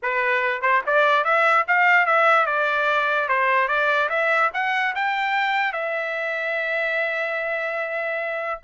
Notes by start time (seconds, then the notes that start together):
0.02 B4
0.61 C5
0.86 D5
1.24 E5
1.67 F5
2.05 E5
2.46 D5
3.28 C5
3.67 D5
4.09 E5
4.53 F#5
4.95 G5
5.72 E5